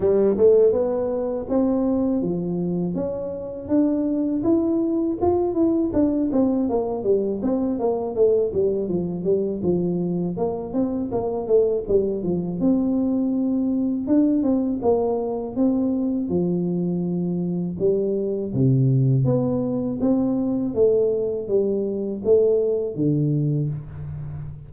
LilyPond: \new Staff \with { instrumentName = "tuba" } { \time 4/4 \tempo 4 = 81 g8 a8 b4 c'4 f4 | cis'4 d'4 e'4 f'8 e'8 | d'8 c'8 ais8 g8 c'8 ais8 a8 g8 | f8 g8 f4 ais8 c'8 ais8 a8 |
g8 f8 c'2 d'8 c'8 | ais4 c'4 f2 | g4 c4 b4 c'4 | a4 g4 a4 d4 | }